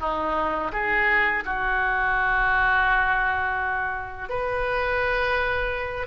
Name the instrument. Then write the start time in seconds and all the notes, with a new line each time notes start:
oboe
0.00 D#4
0.72 G#4
1.45 F#4
4.29 B4